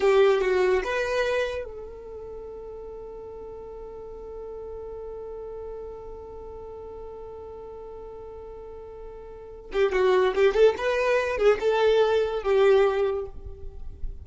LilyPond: \new Staff \with { instrumentName = "violin" } { \time 4/4 \tempo 4 = 145 g'4 fis'4 b'2 | a'1~ | a'1~ | a'1~ |
a'1~ | a'2.~ a'8 g'8 | fis'4 g'8 a'8 b'4. gis'8 | a'2 g'2 | }